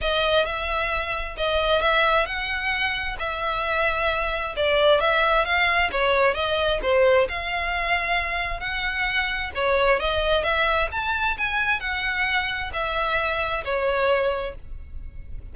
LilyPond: \new Staff \with { instrumentName = "violin" } { \time 4/4 \tempo 4 = 132 dis''4 e''2 dis''4 | e''4 fis''2 e''4~ | e''2 d''4 e''4 | f''4 cis''4 dis''4 c''4 |
f''2. fis''4~ | fis''4 cis''4 dis''4 e''4 | a''4 gis''4 fis''2 | e''2 cis''2 | }